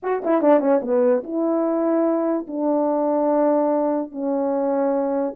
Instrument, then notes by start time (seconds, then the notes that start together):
horn
0.02 F#4
0.24 E4
0.41 D4
0.60 C#4
0.82 B3
1.23 E4
2.47 D4
4.11 C#4